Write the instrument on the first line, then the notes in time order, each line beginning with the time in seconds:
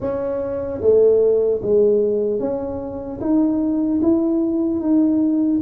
tuba
0.00 C#4
0.81 A3
1.62 G#3
2.39 C#4
3.20 D#4
4.02 E4
4.80 D#4